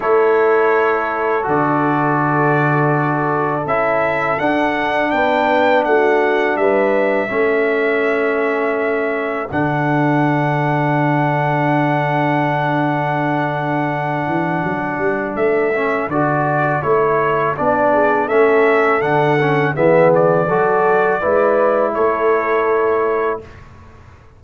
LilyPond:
<<
  \new Staff \with { instrumentName = "trumpet" } { \time 4/4 \tempo 4 = 82 cis''2 d''2~ | d''4 e''4 fis''4 g''4 | fis''4 e''2.~ | e''4 fis''2.~ |
fis''1~ | fis''4 e''4 d''4 cis''4 | d''4 e''4 fis''4 e''8 d''8~ | d''2 cis''2 | }
  \new Staff \with { instrumentName = "horn" } { \time 4/4 a'1~ | a'2. b'4 | fis'4 b'4 a'2~ | a'1~ |
a'1~ | a'1~ | a'8 gis'8 a'2 gis'4 | a'4 b'4 a'2 | }
  \new Staff \with { instrumentName = "trombone" } { \time 4/4 e'2 fis'2~ | fis'4 e'4 d'2~ | d'2 cis'2~ | cis'4 d'2.~ |
d'1~ | d'4. cis'8 fis'4 e'4 | d'4 cis'4 d'8 cis'8 b4 | fis'4 e'2. | }
  \new Staff \with { instrumentName = "tuba" } { \time 4/4 a2 d2~ | d4 cis'4 d'4 b4 | a4 g4 a2~ | a4 d2.~ |
d2.~ d8 e8 | fis8 g8 a4 d4 a4 | b4 a4 d4 e4 | fis4 gis4 a2 | }
>>